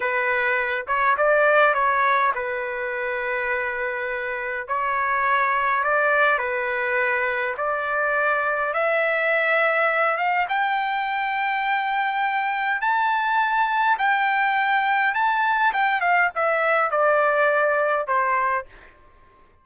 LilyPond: \new Staff \with { instrumentName = "trumpet" } { \time 4/4 \tempo 4 = 103 b'4. cis''8 d''4 cis''4 | b'1 | cis''2 d''4 b'4~ | b'4 d''2 e''4~ |
e''4. f''8 g''2~ | g''2 a''2 | g''2 a''4 g''8 f''8 | e''4 d''2 c''4 | }